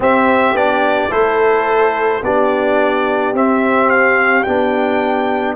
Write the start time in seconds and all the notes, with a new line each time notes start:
0.00 C4 G4 E5
0.53 B3 D4 D5
1.09 A3 E4 A4 C5
2.22 B3 D4 G4 D5
3.33 C4 E5
3.89 F5
4.43 B3 D4 G5